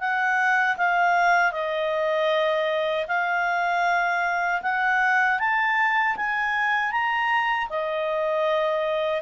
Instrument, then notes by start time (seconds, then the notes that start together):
clarinet
0.00 F#5
0.78 F5
1.52 D#5
3.08 F5
4.62 F#5
5.39 A5
6.16 G#5
6.92 A#5
7.70 D#5